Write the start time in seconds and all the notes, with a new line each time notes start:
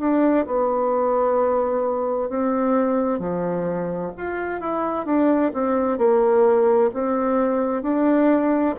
0.00 D4
0.46 B3
2.30 C4
3.20 F3
4.17 F4
4.61 E4
5.06 D4
5.54 C4
5.99 A#3
6.94 C4
7.83 D4